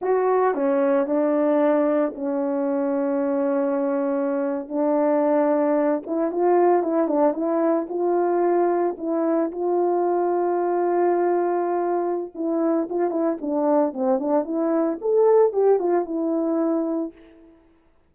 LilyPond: \new Staff \with { instrumentName = "horn" } { \time 4/4 \tempo 4 = 112 fis'4 cis'4 d'2 | cis'1~ | cis'8. d'2~ d'8 e'8 f'16~ | f'8. e'8 d'8 e'4 f'4~ f'16~ |
f'8. e'4 f'2~ f'16~ | f'2. e'4 | f'8 e'8 d'4 c'8 d'8 e'4 | a'4 g'8 f'8 e'2 | }